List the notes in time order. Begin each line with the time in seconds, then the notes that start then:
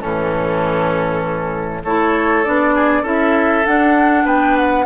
0.00 A2 E3 C#4 A4
1.84 A3 E4 A4 C#5
2.44 B3 D4 D5
2.74 G#4
3.02 C#4 E4 A4 E5
3.65 D4 F#5
4.24 B3 B4 G5
4.56 F#5